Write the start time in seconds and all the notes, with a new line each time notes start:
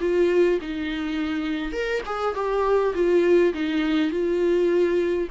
0.00 F4
0.61 D#4
1.72 A#4
2.06 G#4
2.34 G4
2.94 F4
3.53 D#4
4.10 F4